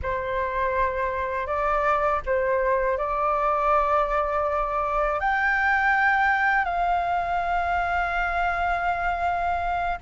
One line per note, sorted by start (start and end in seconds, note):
0.02 1.46 C5
1.46 2.20 D5
2.26 2.97 C5
2.97 5.20 D5
5.20 6.64 G5
6.64 9.98 F5